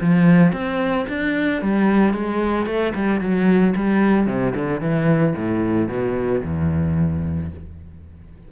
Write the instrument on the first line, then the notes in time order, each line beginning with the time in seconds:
cello
0.00 F3
0.52 C4
1.08 D4
1.61 G3
2.13 G#3
2.66 A3
2.94 G3
3.20 F#3
3.75 G3
4.26 C3
4.54 D3
4.80 E3
5.36 A2
5.88 B2
6.43 E2